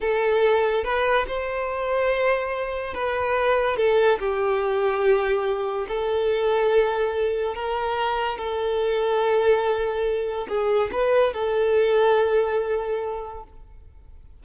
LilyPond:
\new Staff \with { instrumentName = "violin" } { \time 4/4 \tempo 4 = 143 a'2 b'4 c''4~ | c''2. b'4~ | b'4 a'4 g'2~ | g'2 a'2~ |
a'2 ais'2 | a'1~ | a'4 gis'4 b'4 a'4~ | a'1 | }